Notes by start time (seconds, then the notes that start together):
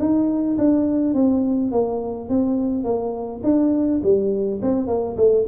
0.00 D#4
0.58 D4
1.15 C4
1.72 A#3
2.30 C4
2.85 A#3
3.44 D4
4.04 G3
4.63 C4
4.87 A#3
5.17 A3